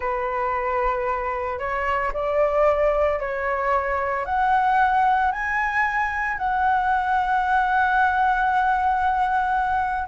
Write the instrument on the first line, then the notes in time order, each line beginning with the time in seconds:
flute
0.00 B4
1.59 C#5
2.13 D5
3.19 C#5
4.25 F#5
5.31 G#5
6.37 F#5